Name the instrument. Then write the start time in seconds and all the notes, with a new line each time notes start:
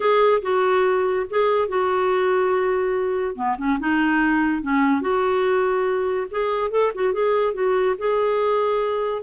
clarinet
0.00 G#4
0.42 F#4
1.29 G#4
1.68 F#4
3.35 B3
3.58 C#4
3.79 D#4
4.62 C#4
5.01 F#4
6.31 G#4
6.70 A4
6.94 F#4
7.13 G#4
7.53 F#4
7.98 G#4